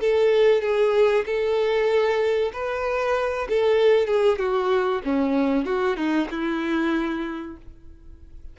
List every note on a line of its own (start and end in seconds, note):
0.00 0.61 A4
0.61 1.25 G#4
1.25 2.52 A4
2.53 3.47 B4
3.49 4.07 A4
4.07 4.38 G#4
4.38 5.02 F#4
5.04 5.65 C#4
5.65 5.96 F#4
5.96 6.28 D#4
6.30 7.57 E4